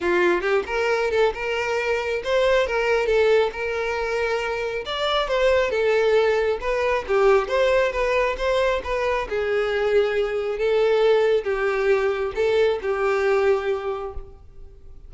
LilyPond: \new Staff \with { instrumentName = "violin" } { \time 4/4 \tempo 4 = 136 f'4 g'8 ais'4 a'8 ais'4~ | ais'4 c''4 ais'4 a'4 | ais'2. d''4 | c''4 a'2 b'4 |
g'4 c''4 b'4 c''4 | b'4 gis'2. | a'2 g'2 | a'4 g'2. | }